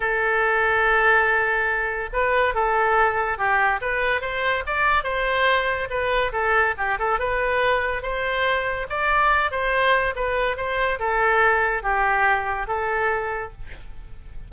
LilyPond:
\new Staff \with { instrumentName = "oboe" } { \time 4/4 \tempo 4 = 142 a'1~ | a'4 b'4 a'2 | g'4 b'4 c''4 d''4 | c''2 b'4 a'4 |
g'8 a'8 b'2 c''4~ | c''4 d''4. c''4. | b'4 c''4 a'2 | g'2 a'2 | }